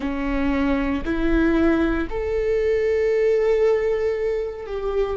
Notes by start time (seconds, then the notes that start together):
0.00 C#4
1.04 E4
2.09 A4
4.66 G4